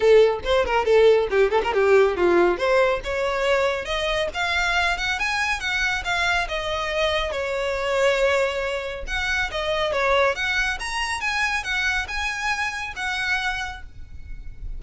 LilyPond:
\new Staff \with { instrumentName = "violin" } { \time 4/4 \tempo 4 = 139 a'4 c''8 ais'8 a'4 g'8 a'16 ais'16 | g'4 f'4 c''4 cis''4~ | cis''4 dis''4 f''4. fis''8 | gis''4 fis''4 f''4 dis''4~ |
dis''4 cis''2.~ | cis''4 fis''4 dis''4 cis''4 | fis''4 ais''4 gis''4 fis''4 | gis''2 fis''2 | }